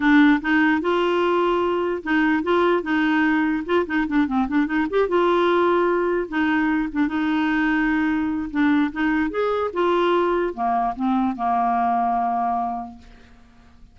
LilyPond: \new Staff \with { instrumentName = "clarinet" } { \time 4/4 \tempo 4 = 148 d'4 dis'4 f'2~ | f'4 dis'4 f'4 dis'4~ | dis'4 f'8 dis'8 d'8 c'8 d'8 dis'8 | g'8 f'2. dis'8~ |
dis'4 d'8 dis'2~ dis'8~ | dis'4 d'4 dis'4 gis'4 | f'2 ais4 c'4 | ais1 | }